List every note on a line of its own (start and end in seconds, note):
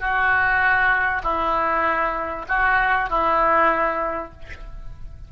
0.00 1.22 F#4
1.24 2.46 E4
2.49 3.10 F#4
3.10 4.32 E4